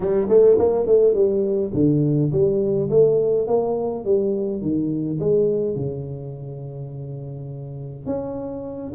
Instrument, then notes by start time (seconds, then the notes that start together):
tuba
0.00 G3
0.29 A3
0.58 A#3
0.86 A3
1.14 G3
1.74 D3
2.32 G3
2.90 A3
3.47 A#3
4.04 G3
4.61 D#3
5.19 G#3
5.75 C#3
8.06 C#4